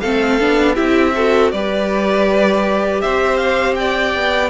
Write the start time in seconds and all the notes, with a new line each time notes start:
0.00 A3 C4 A4 F5
0.40 B3 D4
0.74 C4 E4 G4 E5
1.15 F#4 A4
1.51 G3 G4 B4 D5
3.01 C4 C5 E5
3.37 F5
3.75 D5 G5
4.15 B3